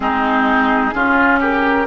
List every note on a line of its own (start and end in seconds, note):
0.00 0.91 G#3
0.00 0.93 C4
0.00 0.94 D#4
0.00 1.40 G#4
0.94 1.86 C#3
0.94 1.86 C#4
0.94 1.39 F4
1.39 1.86 G4
1.39 1.86 A#4